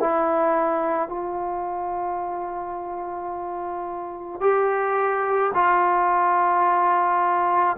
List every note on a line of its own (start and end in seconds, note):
0.00 1.09 E4
1.09 4.41 F4
4.41 5.52 G4
5.55 7.77 F4